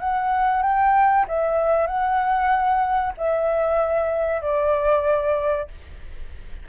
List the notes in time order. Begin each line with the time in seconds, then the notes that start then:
0.00 F#5
0.63 G5
1.29 E5
1.87 F#5
3.18 E5
4.42 D5